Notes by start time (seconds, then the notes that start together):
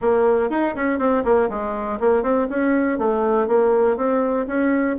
0.01 A#3
0.50 D#4
0.75 C#4
0.98 C4
1.24 A#3
1.49 G#3
2.00 A#3
2.22 C4
2.49 C#4
2.98 A3
3.47 A#3
3.96 C4
4.47 C#4